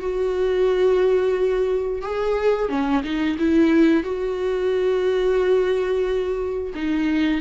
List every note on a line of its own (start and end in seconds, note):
0.00 2.02 F#4
2.02 2.69 G#4
2.69 3.03 C#4
3.03 3.37 D#4
3.38 4.03 E4
4.03 6.73 F#4
6.75 7.41 D#4